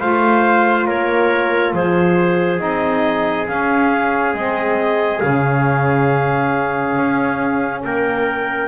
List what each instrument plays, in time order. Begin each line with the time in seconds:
0.00 double bass A3, saxophone F4, trumpet C5, clarinet F5
0.87 double bass A#3, trumpet A#4, clarinet C#5
1.74 double bass F3, trumpet G#4, clarinet C5
2.58 double bass C4, saxophone D#4, clarinet D#5
3.47 saxophone C#4, double bass C#4, clarinet F5
4.34 double bass G#3, saxophone C4, clarinet D#5
5.20 double bass C#3, saxophone C#4, clarinet F5
6.97 double bass C#4
7.84 double bass A#3, trumpet A#4, clarinet G5